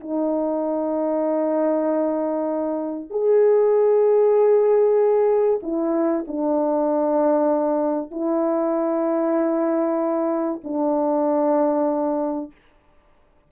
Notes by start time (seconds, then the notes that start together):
0.00 D#4
3.10 G#4
5.62 E4
6.27 D4
8.11 E4
10.64 D4